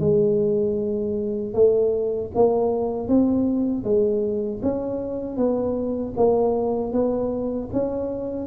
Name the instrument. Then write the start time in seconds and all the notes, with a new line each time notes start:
tuba
0.00 G#3
1.54 A3
2.35 A#3
3.08 C4
3.84 G#3
4.63 C#4
5.37 B3
6.17 A#3
6.93 B3
7.73 C#4